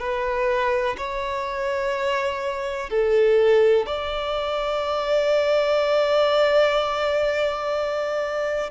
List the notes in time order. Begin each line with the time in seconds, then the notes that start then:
0.00 B4
0.98 C#5
2.90 A4
3.87 D5